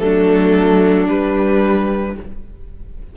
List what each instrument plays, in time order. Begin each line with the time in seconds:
0.00 cello F#3, viola A3, violin D4 A4
1.08 viola G3, cello G3, violin B4